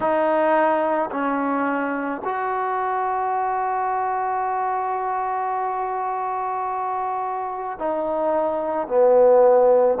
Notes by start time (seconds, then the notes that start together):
0.00 D#4
1.11 C#4
2.24 F#4
7.78 D#4
8.87 B3